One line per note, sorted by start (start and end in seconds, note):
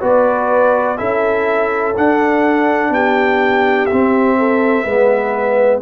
0.00 0.99 B3
0.00 0.97 F#4
0.00 0.97 B4
0.00 0.98 D5
0.97 1.96 C#4
0.97 1.94 E4
0.97 2.92 A4
0.97 1.94 E5
1.96 3.90 D4
1.96 2.90 D4
1.96 2.93 F#5
2.90 3.86 B3
2.90 4.38 G4
2.90 3.85 G5
3.85 4.86 C4
3.85 5.79 E5
3.92 4.84 C4
4.38 4.83 A4
4.83 5.81 G#3
4.83 5.82 B3
4.83 5.80 B4